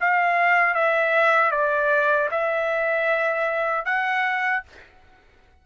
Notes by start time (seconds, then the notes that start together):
0.00 F5
0.74 E5
1.51 D5
2.31 E5
3.85 F#5